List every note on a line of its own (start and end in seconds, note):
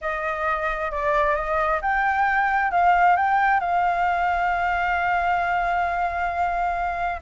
0.01 0.91 D#5
0.91 1.35 D5
1.35 1.80 D#5
1.81 2.71 G5
2.71 3.16 F5
3.16 3.59 G5
3.59 7.20 F5